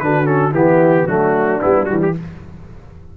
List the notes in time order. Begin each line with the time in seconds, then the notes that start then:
0.00 D3 D4 F#4 B4
0.25 C#4 A4
0.52 E3 B3 E4 G4
1.06 F#3 A3 D4 F#4
1.60 G3 B3 E4
1.85 E3 G3 F#4
2.02 G4